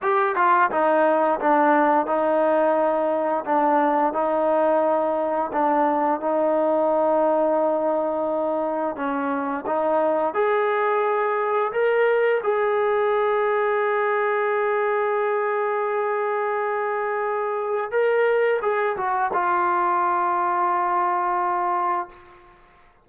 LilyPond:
\new Staff \with { instrumentName = "trombone" } { \time 4/4 \tempo 4 = 87 g'8 f'8 dis'4 d'4 dis'4~ | dis'4 d'4 dis'2 | d'4 dis'2.~ | dis'4 cis'4 dis'4 gis'4~ |
gis'4 ais'4 gis'2~ | gis'1~ | gis'2 ais'4 gis'8 fis'8 | f'1 | }